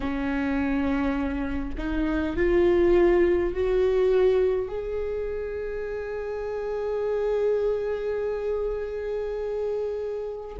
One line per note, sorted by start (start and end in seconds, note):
0.00 1.75 C#4
1.77 2.36 D#4
2.36 3.53 F4
3.53 4.68 F#4
4.68 10.56 G#4